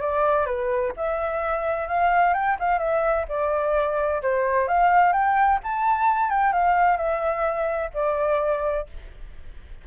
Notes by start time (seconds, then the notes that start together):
0.00 D5
0.46 B4
0.96 E5
1.88 F5
2.34 G5
2.59 F5
2.79 E5
3.29 D5
4.22 C5
4.67 F5
5.12 G5
5.63 A5
6.30 G5
6.52 F5
6.97 E5
7.94 D5